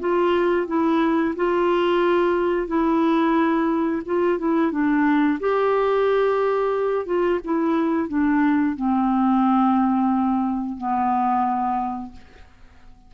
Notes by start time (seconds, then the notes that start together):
0.00 F4
0.67 E4
1.36 F4
2.68 E4
4.06 F4
4.39 E4
4.72 D4
5.40 G4
7.06 F4
7.45 E4
8.09 D4
8.76 C4
10.78 B3